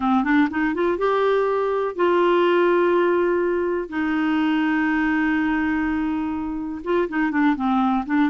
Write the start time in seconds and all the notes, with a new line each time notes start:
0.00 C4
0.24 D4
0.50 D#4
0.74 F4
0.98 G4
1.95 F4
3.89 D#4
6.84 F4
7.08 D#4
7.31 D4
7.56 C4
8.06 D4